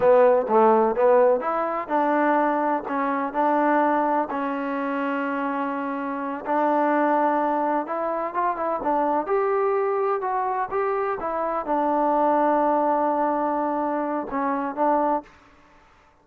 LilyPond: \new Staff \with { instrumentName = "trombone" } { \time 4/4 \tempo 4 = 126 b4 a4 b4 e'4 | d'2 cis'4 d'4~ | d'4 cis'2.~ | cis'4. d'2~ d'8~ |
d'8 e'4 f'8 e'8 d'4 g'8~ | g'4. fis'4 g'4 e'8~ | e'8 d'2.~ d'8~ | d'2 cis'4 d'4 | }